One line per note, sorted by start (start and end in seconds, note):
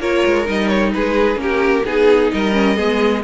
0.00 0.23 A#3
0.00 0.46 F4
0.00 0.93 A#4
0.00 0.48 C#5
0.26 0.49 G#3
0.46 0.95 G3
0.46 1.36 D#4
0.46 0.69 D#5
0.69 0.92 C#5
0.94 1.36 G#3
0.94 1.42 G#4
0.94 1.40 B4
1.36 1.82 A#3
1.36 1.82 C#4
1.36 1.85 A#4
1.42 1.87 G4
1.85 2.32 B3
1.85 2.53 D#4
1.85 2.32 G#4
1.85 2.33 G#4
2.32 2.80 G3
2.32 2.76 A#4
2.32 3.24 D#5
2.53 2.76 C#4
2.76 3.24 G#3
2.76 3.23 B3
2.76 3.23 G#4